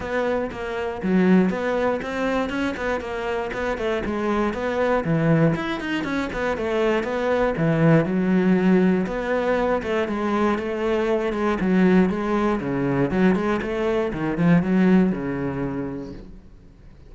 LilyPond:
\new Staff \with { instrumentName = "cello" } { \time 4/4 \tempo 4 = 119 b4 ais4 fis4 b4 | c'4 cis'8 b8 ais4 b8 a8 | gis4 b4 e4 e'8 dis'8 | cis'8 b8 a4 b4 e4 |
fis2 b4. a8 | gis4 a4. gis8 fis4 | gis4 cis4 fis8 gis8 a4 | dis8 f8 fis4 cis2 | }